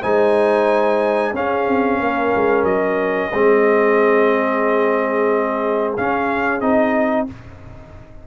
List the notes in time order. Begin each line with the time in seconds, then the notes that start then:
0.00 G#3 D#4 C5 G#5
1.34 C#4 G#4 F5
1.66 C4
1.99 A#3 A#4
2.35 G#3
2.63 F#3 D#5
3.30 G#3 C4 G#4
5.97 C#4 F5
6.60 C4 D#4 D#5